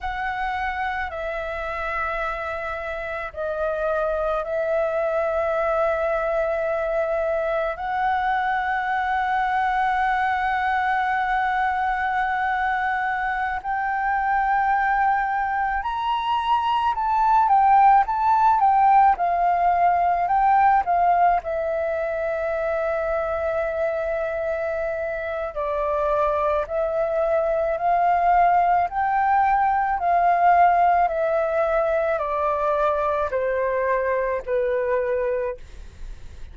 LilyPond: \new Staff \with { instrumentName = "flute" } { \time 4/4 \tempo 4 = 54 fis''4 e''2 dis''4 | e''2. fis''4~ | fis''1~ | fis''16 g''2 ais''4 a''8 g''16~ |
g''16 a''8 g''8 f''4 g''8 f''8 e''8.~ | e''2. d''4 | e''4 f''4 g''4 f''4 | e''4 d''4 c''4 b'4 | }